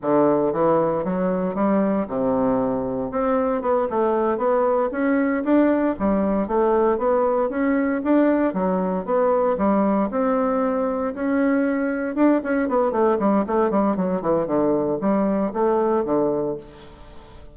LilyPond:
\new Staff \with { instrumentName = "bassoon" } { \time 4/4 \tempo 4 = 116 d4 e4 fis4 g4 | c2 c'4 b8 a8~ | a8 b4 cis'4 d'4 g8~ | g8 a4 b4 cis'4 d'8~ |
d'8 fis4 b4 g4 c'8~ | c'4. cis'2 d'8 | cis'8 b8 a8 g8 a8 g8 fis8 e8 | d4 g4 a4 d4 | }